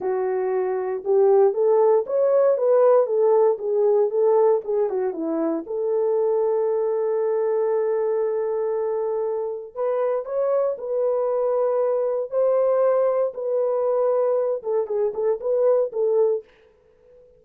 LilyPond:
\new Staff \with { instrumentName = "horn" } { \time 4/4 \tempo 4 = 117 fis'2 g'4 a'4 | cis''4 b'4 a'4 gis'4 | a'4 gis'8 fis'8 e'4 a'4~ | a'1~ |
a'2. b'4 | cis''4 b'2. | c''2 b'2~ | b'8 a'8 gis'8 a'8 b'4 a'4 | }